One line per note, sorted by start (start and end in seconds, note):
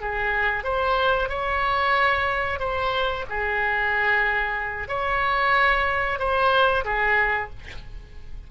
0.00 0.63 G#4
0.63 1.29 C5
1.29 2.59 C#5
2.59 3.24 C5
3.29 4.88 G#4
4.88 6.18 C#5
6.19 6.84 C5
6.84 7.49 G#4